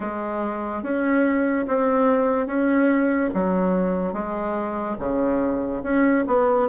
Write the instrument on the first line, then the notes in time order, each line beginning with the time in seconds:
bassoon
0.00 G#3
0.82 C#4
1.67 C4
2.46 C#4
3.34 F#3
4.13 G#3
4.98 C#3
5.83 C#4
6.27 B3